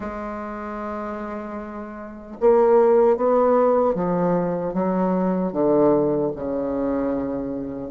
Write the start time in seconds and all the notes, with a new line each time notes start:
0.00 G#3
2.40 A#3
3.16 B3
3.94 F3
4.73 F#3
5.52 D3
6.35 C#3